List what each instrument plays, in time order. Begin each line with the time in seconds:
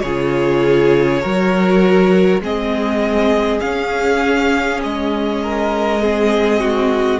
0.00 cello C#3, violin G#4 C#5
0.06 viola F4
1.21 cello F#3, viola F#4, violin A#4
2.40 cello G#3, viola C4, violin G#4 D#5
3.60 viola C#4, cello C#4, violin F5
4.83 cello G#3, violin D#5
5.43 violin A#4
6.01 viola C4, violin G#4
6.61 violin F#4